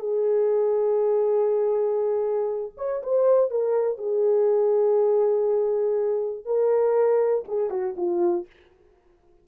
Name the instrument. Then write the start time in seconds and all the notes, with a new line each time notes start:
horn
0.00 G#4
2.78 C#5
3.03 C5
3.51 A#4
3.99 G#4
6.46 A#4
7.49 G#4
7.70 F#4
7.97 F4